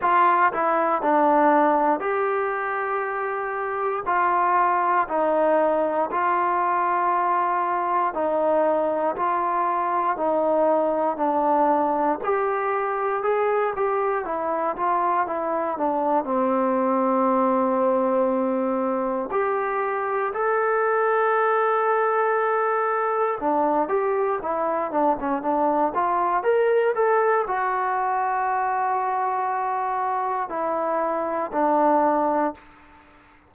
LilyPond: \new Staff \with { instrumentName = "trombone" } { \time 4/4 \tempo 4 = 59 f'8 e'8 d'4 g'2 | f'4 dis'4 f'2 | dis'4 f'4 dis'4 d'4 | g'4 gis'8 g'8 e'8 f'8 e'8 d'8 |
c'2. g'4 | a'2. d'8 g'8 | e'8 d'16 cis'16 d'8 f'8 ais'8 a'8 fis'4~ | fis'2 e'4 d'4 | }